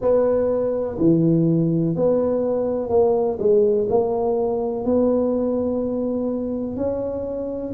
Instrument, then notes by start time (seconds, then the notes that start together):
tuba
0.00 B3
0.99 E3
1.95 B3
2.89 A#3
3.39 G#3
3.89 A#3
4.84 B3
6.76 C#4